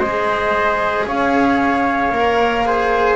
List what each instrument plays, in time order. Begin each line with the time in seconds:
0.00 double bass G#3, cello G#4, trumpet C5, flute D#5
1.07 double bass C#4, trumpet C#5, flute F5
2.11 double bass A#3, cello A#4
2.66 cello G#4, trumpet C5